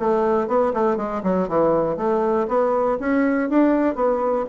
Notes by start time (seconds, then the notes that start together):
0.00 A3
0.48 B3
0.74 A3
0.97 G#3
1.24 F#3
1.49 E3
1.97 A3
2.48 B3
3.00 C#4
3.50 D4
3.96 B3